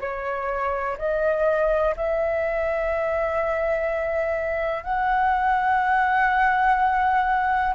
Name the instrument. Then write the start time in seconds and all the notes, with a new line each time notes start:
flute
0.00 C#5
0.98 D#5
1.96 E5
4.83 F#5